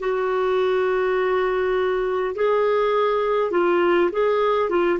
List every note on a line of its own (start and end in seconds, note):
0.00 2.35 F#4
2.35 3.51 G#4
3.51 4.10 F4
4.12 4.70 G#4
4.70 4.99 F4